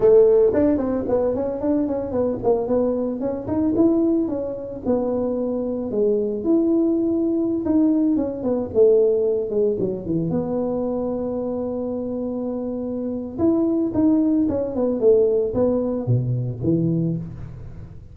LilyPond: \new Staff \with { instrumentName = "tuba" } { \time 4/4 \tempo 4 = 112 a4 d'8 c'8 b8 cis'8 d'8 cis'8 | b8 ais8 b4 cis'8 dis'8 e'4 | cis'4 b2 gis4 | e'2~ e'16 dis'4 cis'8 b16~ |
b16 a4. gis8 fis8 e8 b8.~ | b1~ | b4 e'4 dis'4 cis'8 b8 | a4 b4 b,4 e4 | }